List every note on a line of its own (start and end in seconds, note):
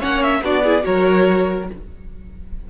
0.00 0.42 A#3
0.00 0.42 C#4
0.00 0.42 C#5
0.00 0.23 F#5
0.23 0.44 E5
0.42 0.84 B3
0.42 0.65 D4
0.42 0.64 F#4
0.42 0.86 D5
0.64 0.82 E4
0.64 0.85 G#4
0.82 1.70 F#3
0.82 1.65 F#4
0.82 1.69 A#4
0.82 1.69 C#5